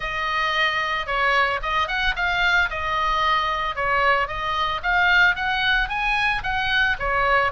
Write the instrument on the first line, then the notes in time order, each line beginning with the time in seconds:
oboe
0.00 D#5
1.06 C#5
1.62 D#5
1.87 F#5
2.16 F5
2.69 D#5
3.75 C#5
4.27 D#5
4.82 F5
5.35 F#5
5.88 G#5
6.43 F#5
6.99 C#5